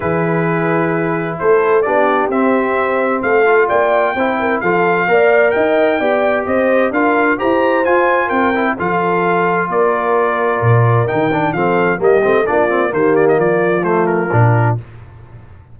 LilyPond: <<
  \new Staff \with { instrumentName = "trumpet" } { \time 4/4 \tempo 4 = 130 b'2. c''4 | d''4 e''2 f''4 | g''2 f''2 | g''2 dis''4 f''4 |
ais''4 gis''4 g''4 f''4~ | f''4 d''2. | g''4 f''4 dis''4 d''4 | c''8 d''16 dis''16 d''4 c''8 ais'4. | }
  \new Staff \with { instrumentName = "horn" } { \time 4/4 gis'2. a'4 | g'2. a'4 | d''4 c''8 ais'8 a'4 d''4 | dis''4 d''4 c''4 ais'4 |
c''2 ais'4 a'4~ | a'4 ais'2.~ | ais'4 a'4 g'4 f'4 | g'4 f'2. | }
  \new Staff \with { instrumentName = "trombone" } { \time 4/4 e'1 | d'4 c'2~ c'8 f'8~ | f'4 e'4 f'4 ais'4~ | ais'4 g'2 f'4 |
g'4 f'4. e'8 f'4~ | f'1 | dis'8 d'8 c'4 ais8 c'8 d'8 c'8 | ais2 a4 d'4 | }
  \new Staff \with { instrumentName = "tuba" } { \time 4/4 e2. a4 | b4 c'2 a4 | ais4 c'4 f4 ais4 | dis'4 b4 c'4 d'4 |
e'4 f'4 c'4 f4~ | f4 ais2 ais,4 | dis4 f4 g8 a8 ais4 | dis4 f2 ais,4 | }
>>